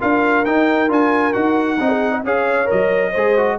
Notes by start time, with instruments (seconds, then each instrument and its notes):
0.00 tuba D4, trombone F4, horn A#4, trumpet F5
0.45 trombone D#4, tuba D#4, trumpet G5
0.88 tuba D4, trombone F4, trumpet G#5
1.33 tuba D#4, trombone F#4, trumpet F#5
1.80 tuba C4, trombone D#4, horn D#5
1.89 horn G#4
2.12 horn D#5
2.25 tuba C#4, trombone G#4, horn C#5, trumpet F5
2.66 tuba F#3, trombone A#4, trumpet D#5
3.11 tuba G#3, trombone G#4, horn C5
3.37 trombone F#4